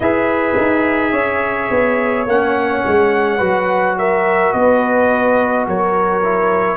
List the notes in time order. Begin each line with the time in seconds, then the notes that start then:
0.00 E4 G#4 B4 E5
0.56 D#4
1.11 C#4 C#5
1.70 B3
2.26 A#3 C#4 F#5
2.86 G#3
3.37 F#3 F#4 B4
3.98 A#4 E5
4.52 B3 B4 D#5
5.67 F#3 A#4 C#5
6.23 E4